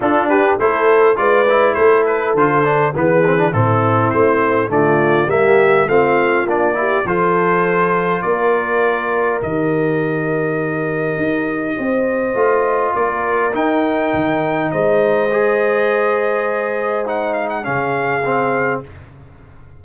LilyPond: <<
  \new Staff \with { instrumentName = "trumpet" } { \time 4/4 \tempo 4 = 102 a'8 b'8 c''4 d''4 c''8 b'8 | c''4 b'4 a'4 c''4 | d''4 e''4 f''4 d''4 | c''2 d''2 |
dis''1~ | dis''2 d''4 g''4~ | g''4 dis''2.~ | dis''4 fis''8 f''16 fis''16 f''2 | }
  \new Staff \with { instrumentName = "horn" } { \time 4/4 f'8 g'8 a'4 b'4 a'4~ | a'4 gis'4 e'2 | f'4 g'4 f'4. g'8 | a'2 ais'2~ |
ais'1 | c''2 ais'2~ | ais'4 c''2.~ | c''2 gis'2 | }
  \new Staff \with { instrumentName = "trombone" } { \time 4/4 d'4 e'4 f'8 e'4. | f'8 d'8 b8 c'16 d'16 c'2 | a4 ais4 c'4 d'8 e'8 | f'1 |
g'1~ | g'4 f'2 dis'4~ | dis'2 gis'2~ | gis'4 dis'4 cis'4 c'4 | }
  \new Staff \with { instrumentName = "tuba" } { \time 4/4 d'4 a4 gis4 a4 | d4 e4 a,4 a4 | d4 g4 a4 ais4 | f2 ais2 |
dis2. dis'4 | c'4 a4 ais4 dis'4 | dis4 gis2.~ | gis2 cis2 | }
>>